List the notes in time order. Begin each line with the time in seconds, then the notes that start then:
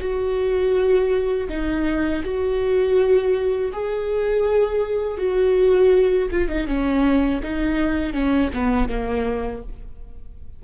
0.00 F#4
1.49 D#4
2.24 F#4
3.72 G#4
5.18 F#4
6.32 F4
6.49 D#4
6.67 C#4
7.43 D#4
8.13 C#4
8.54 B3
8.89 A#3